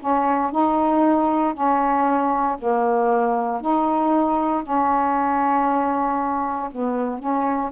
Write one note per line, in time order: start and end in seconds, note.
0.00 0.52 C#4
0.52 1.54 D#4
1.54 2.57 C#4
2.59 3.61 A#3
3.61 4.63 D#4
4.63 6.70 C#4
6.71 7.19 B3
7.19 7.71 C#4